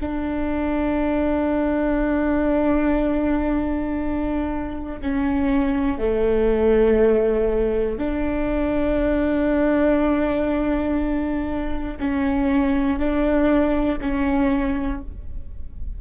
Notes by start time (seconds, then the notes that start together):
0.00 D4
5.00 C#4
5.98 A3
7.98 D4
11.99 C#4
12.99 D4
14.01 C#4